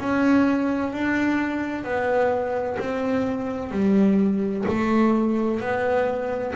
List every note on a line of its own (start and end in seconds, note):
0.00 0.93 C#4
0.93 1.85 D4
1.85 2.78 B3
2.80 3.72 C4
3.72 4.65 G3
4.68 5.61 A3
5.61 6.55 B3